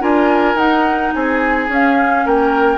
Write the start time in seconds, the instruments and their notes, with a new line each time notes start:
0.00 bassoon D4, clarinet F4, oboe A#4, flute G#5
0.55 bassoon D#4, clarinet D#4, flute F#5
1.14 bassoon C4, oboe G#4, flute G#5
1.69 bassoon C#4, clarinet C#4, flute F5
2.26 bassoon A#3, oboe A#4, flute G5